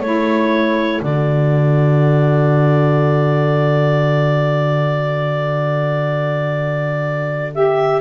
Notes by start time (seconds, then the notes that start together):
0.00 A3 E4 A4 C#5
1.02 D3 F#4 D5
7.52 G4 E5